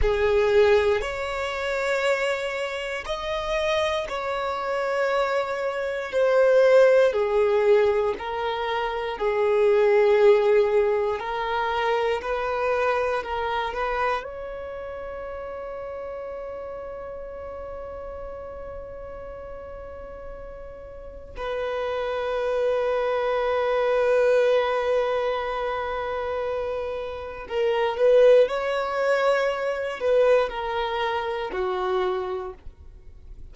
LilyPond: \new Staff \with { instrumentName = "violin" } { \time 4/4 \tempo 4 = 59 gis'4 cis''2 dis''4 | cis''2 c''4 gis'4 | ais'4 gis'2 ais'4 | b'4 ais'8 b'8 cis''2~ |
cis''1~ | cis''4 b'2.~ | b'2. ais'8 b'8 | cis''4. b'8 ais'4 fis'4 | }